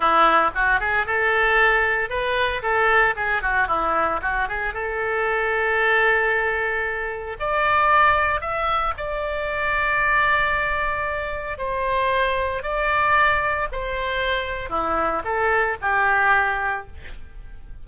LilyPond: \new Staff \with { instrumentName = "oboe" } { \time 4/4 \tempo 4 = 114 e'4 fis'8 gis'8 a'2 | b'4 a'4 gis'8 fis'8 e'4 | fis'8 gis'8 a'2.~ | a'2 d''2 |
e''4 d''2.~ | d''2 c''2 | d''2 c''2 | e'4 a'4 g'2 | }